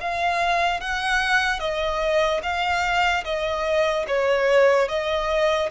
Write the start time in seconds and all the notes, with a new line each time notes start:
0.00 F5
0.80 F#5
1.59 D#5
2.43 F5
3.24 D#5
4.07 C#5
4.88 D#5